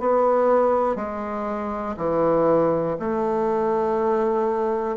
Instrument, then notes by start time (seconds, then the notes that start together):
bassoon
0.00 B3
0.96 G#3
1.98 E3
3.00 A3